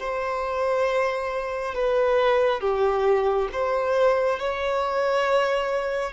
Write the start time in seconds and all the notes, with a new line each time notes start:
0.00 C5
1.75 B4
2.61 G4
3.53 C5
4.40 C#5